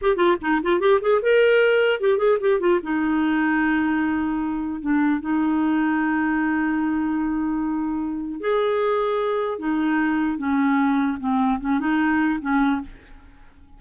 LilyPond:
\new Staff \with { instrumentName = "clarinet" } { \time 4/4 \tempo 4 = 150 g'8 f'8 dis'8 f'8 g'8 gis'8 ais'4~ | ais'4 g'8 gis'8 g'8 f'8 dis'4~ | dis'1 | d'4 dis'2.~ |
dis'1~ | dis'4 gis'2. | dis'2 cis'2 | c'4 cis'8 dis'4. cis'4 | }